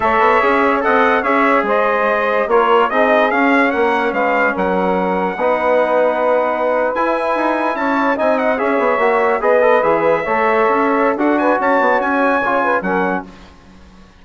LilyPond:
<<
  \new Staff \with { instrumentName = "trumpet" } { \time 4/4 \tempo 4 = 145 e''2 fis''4 e''4 | dis''2 cis''4 dis''4 | f''4 fis''4 f''4 fis''4~ | fis''1~ |
fis''8. gis''2 a''4 gis''16~ | gis''16 fis''8 e''2 dis''4 e''16~ | e''2. fis''8 gis''8 | a''4 gis''2 fis''4 | }
  \new Staff \with { instrumentName = "saxophone" } { \time 4/4 cis''2 dis''4 cis''4 | c''2 ais'4 gis'4~ | gis'4 ais'4 b'4 ais'4~ | ais'4 b'2.~ |
b'2~ b'8. cis''4 dis''16~ | dis''8. cis''2 b'4~ b'16~ | b'8. cis''2~ cis''16 a'8 b'8 | cis''2~ cis''8 b'8 ais'4 | }
  \new Staff \with { instrumentName = "trombone" } { \time 4/4 a'4 gis'4 a'4 gis'4~ | gis'2 f'4 dis'4 | cis'1~ | cis'4 dis'2.~ |
dis'8. e'2. dis'16~ | dis'8. gis'4 fis'4 gis'8 a'8 gis'16~ | gis'8. a'2~ a'16 fis'4~ | fis'2 f'4 cis'4 | }
  \new Staff \with { instrumentName = "bassoon" } { \time 4/4 a8 b8 cis'4 c'4 cis'4 | gis2 ais4 c'4 | cis'4 ais4 gis4 fis4~ | fis4 b2.~ |
b8. e'4 dis'4 cis'4 c'16~ | c'8. cis'8 b8 ais4 b4 e16~ | e8. a4 cis'4~ cis'16 d'4 | cis'8 b8 cis'4 cis4 fis4 | }
>>